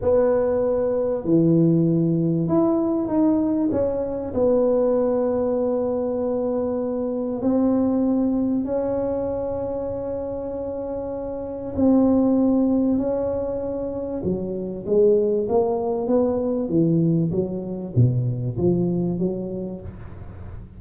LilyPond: \new Staff \with { instrumentName = "tuba" } { \time 4/4 \tempo 4 = 97 b2 e2 | e'4 dis'4 cis'4 b4~ | b1 | c'2 cis'2~ |
cis'2. c'4~ | c'4 cis'2 fis4 | gis4 ais4 b4 e4 | fis4 b,4 f4 fis4 | }